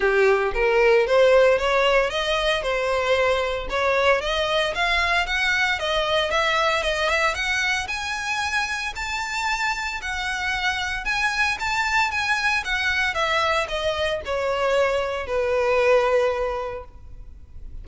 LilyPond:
\new Staff \with { instrumentName = "violin" } { \time 4/4 \tempo 4 = 114 g'4 ais'4 c''4 cis''4 | dis''4 c''2 cis''4 | dis''4 f''4 fis''4 dis''4 | e''4 dis''8 e''8 fis''4 gis''4~ |
gis''4 a''2 fis''4~ | fis''4 gis''4 a''4 gis''4 | fis''4 e''4 dis''4 cis''4~ | cis''4 b'2. | }